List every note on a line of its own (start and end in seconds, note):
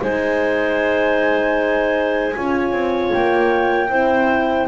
0.00 2.36 G#3
0.00 2.34 D#4
0.00 2.36 C5
0.00 3.14 G#5
2.36 2.73 C#4
2.36 3.90 F4
2.36 3.90 C#5
2.73 3.12 C4
3.14 3.90 A#3
3.14 4.69 G5
3.90 4.68 C4
3.90 4.68 E4
3.90 4.68 C5